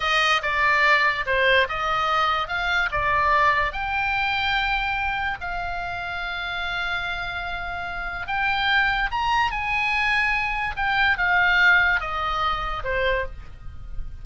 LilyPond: \new Staff \with { instrumentName = "oboe" } { \time 4/4 \tempo 4 = 145 dis''4 d''2 c''4 | dis''2 f''4 d''4~ | d''4 g''2.~ | g''4 f''2.~ |
f''1 | g''2 ais''4 gis''4~ | gis''2 g''4 f''4~ | f''4 dis''2 c''4 | }